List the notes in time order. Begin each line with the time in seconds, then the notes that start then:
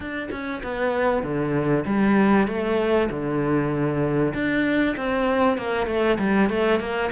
0.00 D4
0.31 C#4
0.63 B3
1.23 D3
1.85 G3
2.47 A3
3.10 D3
4.34 D4
4.96 C4
5.57 A#3
5.87 A3
6.19 G3
6.49 A3
6.80 A#3